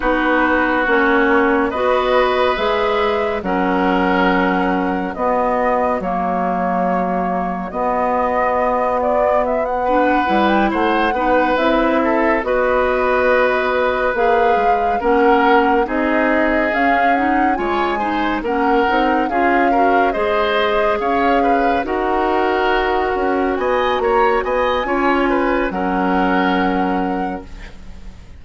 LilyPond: <<
  \new Staff \with { instrumentName = "flute" } { \time 4/4 \tempo 4 = 70 b'4 cis''4 dis''4 e''4 | fis''2 dis''4 cis''4~ | cis''4 dis''4. d''8 e''16 fis''8.~ | fis''16 g''16 fis''4 e''4 dis''4.~ |
dis''8 f''4 fis''4 dis''4 f''8 | fis''8 gis''4 fis''4 f''4 dis''8~ | dis''8 f''4 fis''2 gis''8 | ais''8 gis''4. fis''2 | }
  \new Staff \with { instrumentName = "oboe" } { \time 4/4 fis'2 b'2 | ais'2 fis'2~ | fis'2.~ fis'8 b'8~ | b'8 c''8 b'4 a'8 b'4.~ |
b'4. ais'4 gis'4.~ | gis'8 cis''8 c''8 ais'4 gis'8 ais'8 c''8~ | c''8 cis''8 b'8 ais'2 dis''8 | cis''8 dis''8 cis''8 b'8 ais'2 | }
  \new Staff \with { instrumentName = "clarinet" } { \time 4/4 dis'4 cis'4 fis'4 gis'4 | cis'2 b4 ais4~ | ais4 b2~ b8 d'8 | e'4 dis'8 e'4 fis'4.~ |
fis'8 gis'4 cis'4 dis'4 cis'8 | dis'8 f'8 dis'8 cis'8 dis'8 f'8 fis'8 gis'8~ | gis'4. fis'2~ fis'8~ | fis'4 f'4 cis'2 | }
  \new Staff \with { instrumentName = "bassoon" } { \time 4/4 b4 ais4 b4 gis4 | fis2 b4 fis4~ | fis4 b2. | g8 a8 b8 c'4 b4.~ |
b8 ais8 gis8 ais4 c'4 cis'8~ | cis'8 gis4 ais8 c'8 cis'4 gis8~ | gis8 cis'4 dis'4. cis'8 b8 | ais8 b8 cis'4 fis2 | }
>>